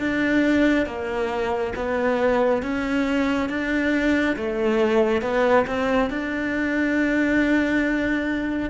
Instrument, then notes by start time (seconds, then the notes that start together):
cello
0.00 D4
0.87 A#3
1.76 B3
2.63 C#4
3.49 D4
4.37 A3
5.22 B3
5.67 C4
6.10 D4